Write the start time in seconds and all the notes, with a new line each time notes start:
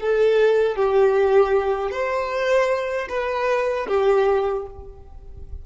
0.00 A4
0.75 G4
1.91 C5
3.09 B4
3.88 G4